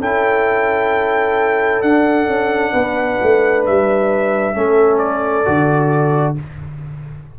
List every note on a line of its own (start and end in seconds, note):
0.00 1.82 C#4
0.00 1.83 E4
0.00 2.73 A4
0.00 1.82 G5
1.82 2.27 D4
1.82 4.54 D4
1.82 3.64 F#5
2.27 2.73 C#4
2.73 3.20 B3
2.73 4.55 B4
3.22 3.67 A3
3.66 4.55 G3
3.66 4.98 E5
4.54 5.46 A3
4.54 5.45 C#4
4.54 6.38 A4
4.98 6.34 D5
5.45 6.39 D3
5.45 6.36 F#4